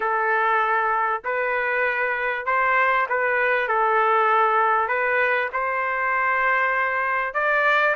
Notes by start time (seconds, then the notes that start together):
0.00 A4
1.24 B4
2.45 C5
3.09 B4
3.67 A4
4.88 B4
5.52 C5
7.33 D5